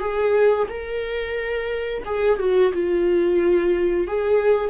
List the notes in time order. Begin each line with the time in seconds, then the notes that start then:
0.00 G#4
0.69 A#4
2.05 G#4
2.39 F#4
2.73 F4
4.07 G#4